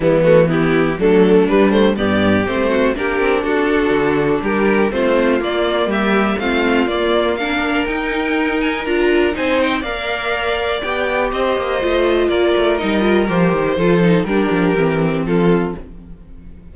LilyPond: <<
  \new Staff \with { instrumentName = "violin" } { \time 4/4 \tempo 4 = 122 e'8 fis'8 g'4 a'4 b'8 c''8 | d''4 c''4 ais'4 a'4~ | a'4 ais'4 c''4 d''4 | e''4 f''4 d''4 f''4 |
g''4. gis''8 ais''4 gis''8 g''8 | f''2 g''4 dis''4~ | dis''4 d''4 dis''4 c''4~ | c''4 ais'2 a'4 | }
  \new Staff \with { instrumentName = "violin" } { \time 4/4 b4 e'4 d'2 | g'4. fis'8 g'4 fis'4~ | fis'4 g'4 f'2 | g'4 f'2 ais'4~ |
ais'2. c''4 | d''2. c''4~ | c''4 ais'2. | a'4 g'2 f'4 | }
  \new Staff \with { instrumentName = "viola" } { \time 4/4 g8 a8 b4 a4 g8 a8 | b4 c'4 d'2~ | d'2 c'4 ais4~ | ais4 c'4 ais4 d'4 |
dis'2 f'4 dis'4 | ais'2 g'2 | f'2 dis'8 f'8 g'4 | f'8 dis'8 d'4 c'2 | }
  \new Staff \with { instrumentName = "cello" } { \time 4/4 e2 fis4 g4 | g,4 a4 ais8 c'8 d'4 | d4 g4 a4 ais4 | g4 a4 ais2 |
dis'2 d'4 c'4 | ais2 b4 c'8 ais8 | a4 ais8 a8 g4 f8 dis8 | f4 g8 f8 e4 f4 | }
>>